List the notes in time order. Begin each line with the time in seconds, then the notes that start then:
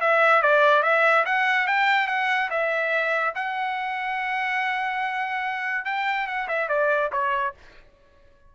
0.00 E5
0.42 D5
0.82 E5
1.25 F#5
1.66 G5
2.07 F#5
2.50 E5
3.35 F#5
5.85 G5
6.27 F#5
6.48 E5
6.68 D5
7.12 C#5